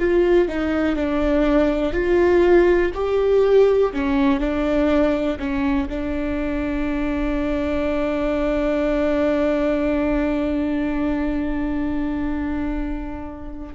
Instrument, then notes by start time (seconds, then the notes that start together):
viola
0.00 F4
0.49 D#4
0.96 D4
1.93 F4
2.95 G4
3.93 C#4
4.40 D4
5.39 C#4
5.90 D4